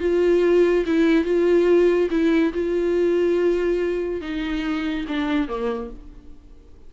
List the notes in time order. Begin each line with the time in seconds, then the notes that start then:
0.00 F4
0.86 E4
1.24 F4
2.10 E4
2.53 F4
4.21 D#4
5.08 D4
5.48 A#3